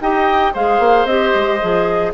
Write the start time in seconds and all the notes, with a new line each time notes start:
0.00 D#4 G4 D#5 G5
0.53 G#3 G#4 C5 F5
0.79 A#3
1.05 C4 G4 D#5
1.35 G#3
1.60 F3 G#4